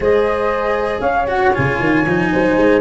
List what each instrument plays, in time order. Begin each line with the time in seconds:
0.00 tuba G#3, cello G#4, horn C5, flute D#5
1.00 tuba C#4, horn C#5, flute F5
1.27 cello F#4, flute F#5
1.53 tuba C#3, cello F4, flute G#5
1.79 tuba D#3
2.06 tuba F3, cello D#4
2.32 tuba F#3, horn C5
2.57 tuba G#3